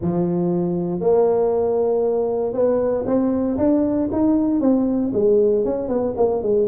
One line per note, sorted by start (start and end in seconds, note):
0.01 1.00 F3
1.00 2.53 A#3
2.53 3.04 B3
3.05 3.57 C4
3.57 4.09 D4
4.12 4.60 D#4
4.60 5.11 C4
5.13 5.64 G#3
5.64 5.88 C#4
5.88 6.14 B3
6.16 6.42 A#3
6.42 6.68 G#3